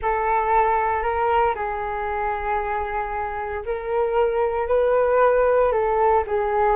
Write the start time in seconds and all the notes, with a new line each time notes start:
0.01 A4
1.02 A#4
1.55 G#4
3.65 A#4
4.67 B4
5.71 A4
6.27 G#4